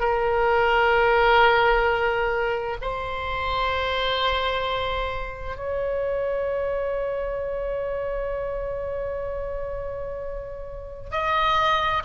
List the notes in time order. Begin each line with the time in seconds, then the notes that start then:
0.00 A#4
2.82 C5
5.57 C#5
11.11 D#5